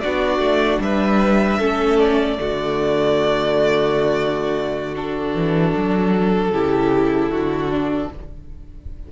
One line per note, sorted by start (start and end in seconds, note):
0.00 0.38 B3
0.00 1.60 D4
0.00 0.81 F#4
0.00 0.79 D5
0.38 0.78 A3
0.79 1.58 G3
0.79 1.58 B4
0.79 1.99 E5
1.58 2.38 A3
1.58 2.38 C#4
1.58 2.37 A4
1.99 4.95 D5
2.38 5.34 D3
2.38 4.94 A3
2.38 6.51 F#4
4.95 6.53 D4
4.95 8.12 A4
5.34 5.74 E3
5.76 6.50 F#3
6.50 7.29 C#3
6.50 7.70 E4
6.50 7.30 G4
7.29 8.08 D3
7.29 8.09 F#4
7.70 8.09 D4